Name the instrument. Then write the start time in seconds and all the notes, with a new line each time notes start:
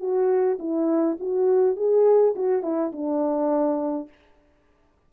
horn
0.00 F#4
0.59 E4
1.20 F#4
1.76 G#4
2.36 F#4
2.63 E4
2.92 D4